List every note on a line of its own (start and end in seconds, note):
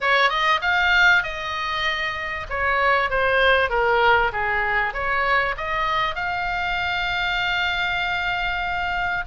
0.00 0.29 C#5
0.29 0.60 D#5
0.61 1.23 F5
1.23 2.46 D#5
2.49 3.09 C#5
3.09 3.69 C5
3.69 4.31 A#4
4.32 4.93 G#4
4.93 5.55 C#5
5.57 6.15 D#5
6.15 9.24 F5